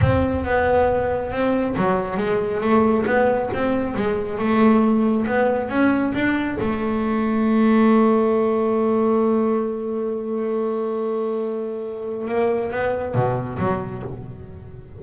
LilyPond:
\new Staff \with { instrumentName = "double bass" } { \time 4/4 \tempo 4 = 137 c'4 b2 c'4 | fis4 gis4 a4 b4 | c'4 gis4 a2 | b4 cis'4 d'4 a4~ |
a1~ | a1~ | a1 | ais4 b4 b,4 fis4 | }